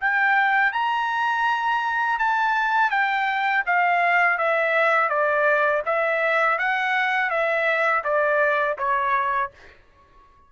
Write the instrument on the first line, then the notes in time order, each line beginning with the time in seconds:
trumpet
0.00 G5
0.72 A#5
2.18 A5
2.90 G5
3.66 F5
4.38 E5
5.09 D5
5.85 E5
6.58 F#5
7.30 E5
8.04 D5
8.78 C#5